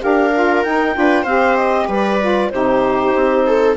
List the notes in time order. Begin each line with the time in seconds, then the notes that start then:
0.00 D4 G4 A#4 F5
0.34 F4
0.64 D#4 G5
0.94 D4 F4 B4
1.23 C4 G4 C5 F5
1.56 D#5
1.88 G3 B4 D5
2.21 F4
2.51 C3 D#4 G4 C5
3.16 C4
3.47 A4